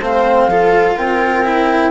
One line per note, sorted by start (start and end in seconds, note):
0.00 0.47 A3
0.00 0.51 C4
0.00 0.49 C5
0.00 0.97 F5
0.47 0.96 F3
0.47 1.45 F4
0.47 0.96 A4
0.96 1.91 C4
0.96 1.91 A#4
0.96 1.91 G5
1.45 1.91 E4